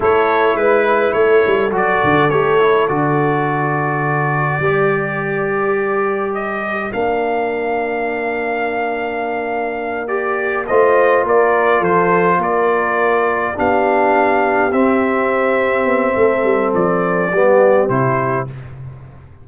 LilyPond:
<<
  \new Staff \with { instrumentName = "trumpet" } { \time 4/4 \tempo 4 = 104 cis''4 b'4 cis''4 d''4 | cis''4 d''2.~ | d''2. dis''4 | f''1~ |
f''4. d''4 dis''4 d''8~ | d''8 c''4 d''2 f''8~ | f''4. e''2~ e''8~ | e''4 d''2 c''4 | }
  \new Staff \with { instrumentName = "horn" } { \time 4/4 a'4 b'4 a'2~ | a'1 | ais'1~ | ais'1~ |
ais'2~ ais'8 c''4 ais'8~ | ais'8 a'4 ais'2 g'8~ | g'1 | a'2 g'2 | }
  \new Staff \with { instrumentName = "trombone" } { \time 4/4 e'2. fis'4 | g'8 e'8 fis'2. | g'1 | d'1~ |
d'4. g'4 f'4.~ | f'2.~ f'8 d'8~ | d'4. c'2~ c'8~ | c'2 b4 e'4 | }
  \new Staff \with { instrumentName = "tuba" } { \time 4/4 a4 gis4 a8 g8 fis8 d8 | a4 d2. | g1 | ais1~ |
ais2~ ais8 a4 ais8~ | ais8 f4 ais2 b8~ | b4. c'2 b8 | a8 g8 f4 g4 c4 | }
>>